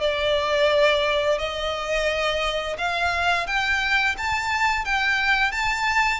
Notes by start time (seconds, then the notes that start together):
0.00 D5
1.38 D#5
2.78 F5
3.47 G5
4.17 A5
4.85 G5
5.52 A5